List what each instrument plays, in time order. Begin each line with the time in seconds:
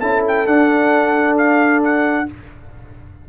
0.00 tuba C#4, trombone E4, horn A4, trumpet A5
0.28 trumpet G5
0.46 tuba D4, trombone D4, trumpet F#5
1.38 trumpet F5
1.84 trumpet F#5